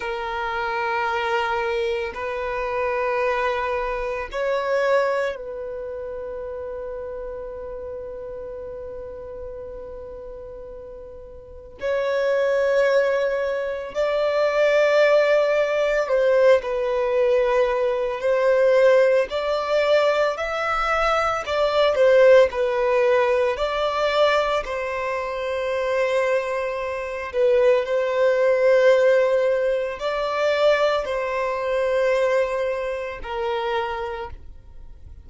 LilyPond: \new Staff \with { instrumentName = "violin" } { \time 4/4 \tempo 4 = 56 ais'2 b'2 | cis''4 b'2.~ | b'2. cis''4~ | cis''4 d''2 c''8 b'8~ |
b'4 c''4 d''4 e''4 | d''8 c''8 b'4 d''4 c''4~ | c''4. b'8 c''2 | d''4 c''2 ais'4 | }